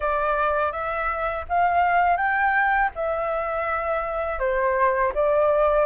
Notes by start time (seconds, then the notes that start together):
0.00 D5
0.72 E5
1.48 F5
2.17 G5
2.95 E5
4.39 C5
5.14 D5